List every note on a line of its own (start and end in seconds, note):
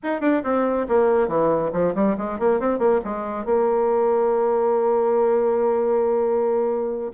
0.03 0.20 D#4
0.20 0.42 D4
0.43 0.86 C4
0.88 1.28 A#3
1.28 1.71 E3
1.72 1.94 F3
1.94 2.16 G3
2.17 2.39 G#3
2.39 2.59 A#3
2.59 2.79 C4
2.79 3.00 A#3
3.04 3.45 G#3
3.45 7.11 A#3